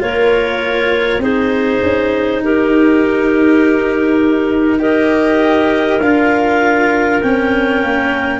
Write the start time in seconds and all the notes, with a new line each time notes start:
0.00 A#3 F4 A#4 C#5
1.19 C4 D#4 G#4 C5
1.82 C#4
2.42 D#4 G4 A#4
4.79 G4 A#4 D#5
6.00 D4 F4 F5
7.22 C4 C#4 G5
7.83 A#3